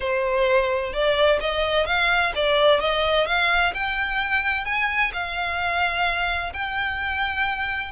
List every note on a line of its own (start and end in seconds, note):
0.00 0.93 C5
0.93 1.39 D5
1.40 1.86 D#5
1.86 2.32 F5
2.35 2.80 D5
2.80 3.26 D#5
3.26 3.73 F5
3.74 4.65 G5
4.65 5.11 G#5
5.13 6.52 F5
6.53 7.91 G5